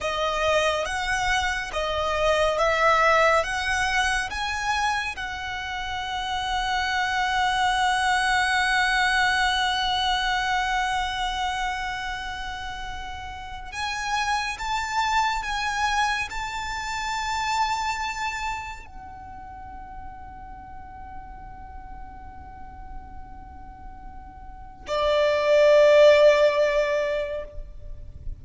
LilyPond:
\new Staff \with { instrumentName = "violin" } { \time 4/4 \tempo 4 = 70 dis''4 fis''4 dis''4 e''4 | fis''4 gis''4 fis''2~ | fis''1~ | fis''1 |
gis''4 a''4 gis''4 a''4~ | a''2 fis''2~ | fis''1~ | fis''4 d''2. | }